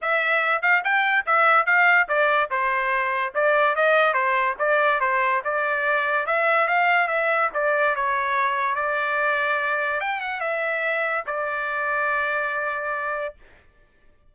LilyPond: \new Staff \with { instrumentName = "trumpet" } { \time 4/4 \tempo 4 = 144 e''4. f''8 g''4 e''4 | f''4 d''4 c''2 | d''4 dis''4 c''4 d''4 | c''4 d''2 e''4 |
f''4 e''4 d''4 cis''4~ | cis''4 d''2. | g''8 fis''8 e''2 d''4~ | d''1 | }